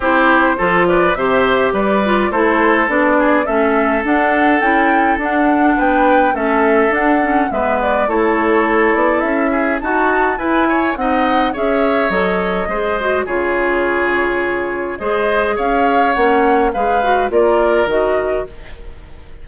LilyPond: <<
  \new Staff \with { instrumentName = "flute" } { \time 4/4 \tempo 4 = 104 c''4. d''8 e''4 d''4 | c''4 d''4 e''4 fis''4 | g''4 fis''4 g''4 e''4 | fis''4 e''8 d''8 cis''4. d''8 |
e''4 a''4 gis''4 fis''4 | e''4 dis''2 cis''4~ | cis''2 dis''4 f''4 | fis''4 f''4 d''4 dis''4 | }
  \new Staff \with { instrumentName = "oboe" } { \time 4/4 g'4 a'8 b'8 c''4 b'4 | a'4. gis'8 a'2~ | a'2 b'4 a'4~ | a'4 b'4 a'2~ |
a'8 gis'8 fis'4 b'8 cis''8 dis''4 | cis''2 c''4 gis'4~ | gis'2 c''4 cis''4~ | cis''4 b'4 ais'2 | }
  \new Staff \with { instrumentName = "clarinet" } { \time 4/4 e'4 f'4 g'4. f'8 | e'4 d'4 cis'4 d'4 | e'4 d'2 cis'4 | d'8 cis'8 b4 e'2~ |
e'4 fis'4 e'4 dis'4 | gis'4 a'4 gis'8 fis'8 f'4~ | f'2 gis'2 | cis'4 gis'8 fis'8 f'4 fis'4 | }
  \new Staff \with { instrumentName = "bassoon" } { \time 4/4 c'4 f4 c4 g4 | a4 b4 a4 d'4 | cis'4 d'4 b4 a4 | d'4 gis4 a4. b8 |
cis'4 dis'4 e'4 c'4 | cis'4 fis4 gis4 cis4~ | cis2 gis4 cis'4 | ais4 gis4 ais4 dis4 | }
>>